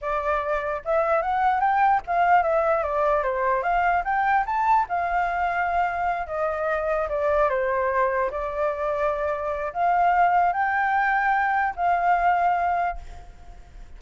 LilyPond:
\new Staff \with { instrumentName = "flute" } { \time 4/4 \tempo 4 = 148 d''2 e''4 fis''4 | g''4 f''4 e''4 d''4 | c''4 f''4 g''4 a''4 | f''2.~ f''8 dis''8~ |
dis''4. d''4 c''4.~ | c''8 d''2.~ d''8 | f''2 g''2~ | g''4 f''2. | }